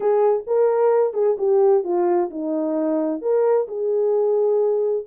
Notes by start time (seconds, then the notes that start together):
0.00 G#4
0.47 A#4
1.13 G#4
1.38 G4
1.84 F4
2.30 D#4
3.21 A#4
3.67 G#4